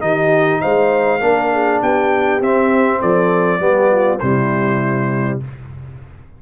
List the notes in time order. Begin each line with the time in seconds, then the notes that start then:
0.00 D#3 D#4 G4 D#5
0.61 G#3 C5 F5
1.21 A#3 D4 A#4
1.53 G#4
1.81 B3 G4 G5
2.41 C4 E5
3.00 F3 A4 D5
3.60 G3 B3 G4
3.92 F4
4.19 C3 G3 E4 C5